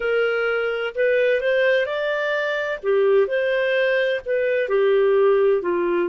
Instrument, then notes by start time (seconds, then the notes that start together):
clarinet
0.00 A#4
0.94 B4
1.40 C5
1.85 D5
2.83 G4
3.27 C5
4.24 B4
4.68 G4
5.62 F4